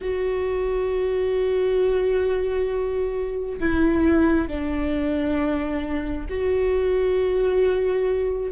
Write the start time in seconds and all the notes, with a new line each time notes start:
0.01 F#4
3.59 E4
4.48 D4
6.29 F#4